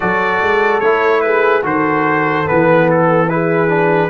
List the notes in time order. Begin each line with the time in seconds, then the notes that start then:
0.00 F#3 F#4 A4 D5
0.41 G#3
0.80 A3 E4 C#5
1.21 G#4 B4
1.62 D#3 F#4 A4 C5
2.45 E3 B3 B4
2.90 A4
3.29 E4 G#4 B4
3.68 D4